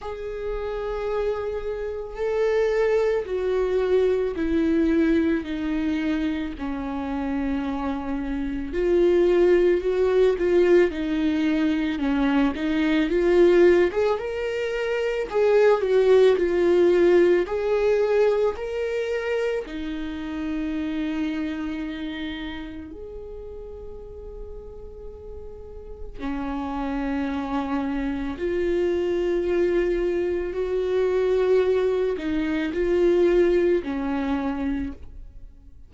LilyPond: \new Staff \with { instrumentName = "viola" } { \time 4/4 \tempo 4 = 55 gis'2 a'4 fis'4 | e'4 dis'4 cis'2 | f'4 fis'8 f'8 dis'4 cis'8 dis'8 | f'8. gis'16 ais'4 gis'8 fis'8 f'4 |
gis'4 ais'4 dis'2~ | dis'4 gis'2. | cis'2 f'2 | fis'4. dis'8 f'4 cis'4 | }